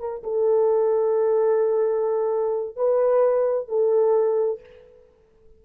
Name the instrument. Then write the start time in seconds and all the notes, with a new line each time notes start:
horn
0.00 A#4
0.24 A4
2.77 B4
3.69 A4